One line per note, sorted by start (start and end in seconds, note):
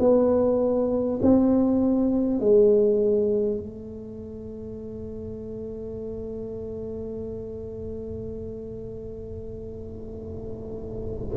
0.00 1.20 B3
1.22 2.41 C4
2.41 3.58 G#3
3.58 11.38 A3